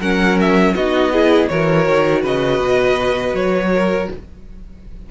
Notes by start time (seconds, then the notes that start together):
0.00 F#3 C#4 A#4 F#5
0.40 E5
0.75 B3 D#4 F#4 D#5
1.12 E4 G#4
1.48 E3 F#4 A#4 C#5
1.87 D#3
2.21 C#3 B4 D#5
2.59 B2
3.34 F#3 C#5
3.74 A#4